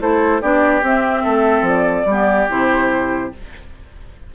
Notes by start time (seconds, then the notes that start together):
0.00 A3 E4 A4 C5
0.41 B3 D4 G4 D5
0.82 C4 E5
1.23 A3 A4
1.61 F3
1.68 D5
2.06 G3 B3 G4
2.49 C3 E4 C5